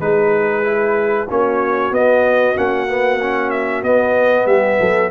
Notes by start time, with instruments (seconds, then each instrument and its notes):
0.00 tuba G#3, trombone D#4, horn G#4, trumpet B4
0.64 trombone E4
1.30 tuba A#3, trombone C#4, horn F#4, trumpet C#5
1.92 tuba B3, trombone B3, trumpet D#5
2.56 tuba A#3, trombone C#4, trumpet F#5
2.88 trombone B3
3.21 trombone C#4
3.51 trumpet E5
3.83 tuba B3, trombone B3, trumpet D#5
4.46 tuba G3, horn G4, trumpet E5
4.81 tuba F#3, horn A4